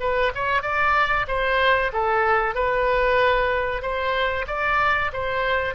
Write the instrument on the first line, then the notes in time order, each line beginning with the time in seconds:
oboe
0.00 B4
0.35 C#5
0.62 D5
1.27 C5
1.93 A4
2.55 B4
3.82 C5
4.47 D5
5.13 C5